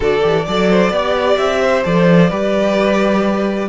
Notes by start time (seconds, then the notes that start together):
0.00 D3 F#4 A4 D5
0.20 E3 G4
0.46 F#3 A4 D5
0.69 C5
0.90 B3 G4 D5
1.37 C4 E5
1.61 C5
1.83 F3 A4 D5
2.29 G3 G4 B4